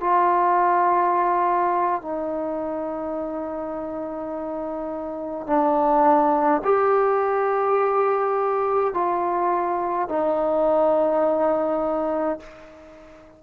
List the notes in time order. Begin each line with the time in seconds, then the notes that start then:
0.00 F4
2.01 D#4
5.46 D4
6.64 G4
8.93 F4
10.08 D#4